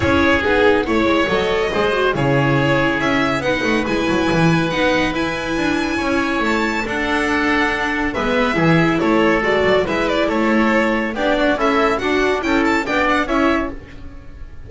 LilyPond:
<<
  \new Staff \with { instrumentName = "violin" } { \time 4/4 \tempo 4 = 140 cis''4 gis'4 cis''4 dis''4~ | dis''4 cis''2 e''4 | fis''4 gis''2 fis''4 | gis''2. a''4 |
fis''2. e''4~ | e''4 cis''4 d''4 e''8 d''8 | cis''2 d''4 e''4 | fis''4 g''8 a''8 g''8 fis''8 e''4 | }
  \new Staff \with { instrumentName = "oboe" } { \time 4/4 gis'2 cis''2 | c''4 gis'2. | b'1~ | b'2 cis''2 |
a'2. b'4 | gis'4 a'2 b'4 | a'2 g'8 fis'8 e'4 | d'4 a'4 d''4 cis''4 | }
  \new Staff \with { instrumentName = "viola" } { \time 4/4 e'4 dis'4 e'4 a'4 | gis'8 fis'8 e'2. | dis'4 e'2 dis'4 | e'1 |
d'2. b4 | e'2 fis'4 e'4~ | e'2 d'4 a'4 | fis'4 e'4 d'4 e'4 | }
  \new Staff \with { instrumentName = "double bass" } { \time 4/4 cis'4 b4 a8 gis8 fis4 | gis4 cis2 cis'4 | b8 a8 gis8 fis8 e4 b4 | e'4 d'4 cis'4 a4 |
d'2. gis4 | e4 a4 gis8 fis8 gis4 | a2 b4 cis'4 | d'4 cis'4 b4 cis'4 | }
>>